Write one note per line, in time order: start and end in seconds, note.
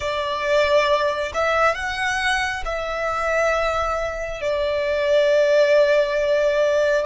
0.00 1.32 D5
1.34 1.74 E5
1.74 2.63 F#5
2.65 4.41 E5
4.41 7.05 D5